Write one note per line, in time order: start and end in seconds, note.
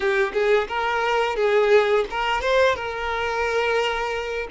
0.00 0.32 G4
0.33 0.67 G#4
0.68 1.36 A#4
1.36 2.05 G#4
2.10 2.41 A#4
2.41 2.75 C5
2.75 4.48 A#4